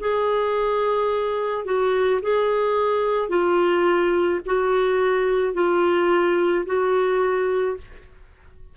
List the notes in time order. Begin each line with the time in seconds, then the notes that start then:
0.00 G#4
1.65 F#4
2.22 G#4
3.29 F4
4.46 F#4
5.54 F4
6.66 F#4